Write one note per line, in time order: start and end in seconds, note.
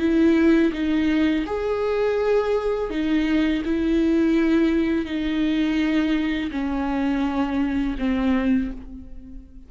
0.00 0.72 E4
0.73 1.46 D#4
1.47 2.91 G#4
2.91 3.63 D#4
3.66 5.06 E4
5.06 6.51 D#4
6.52 7.96 C#4
7.99 8.71 C4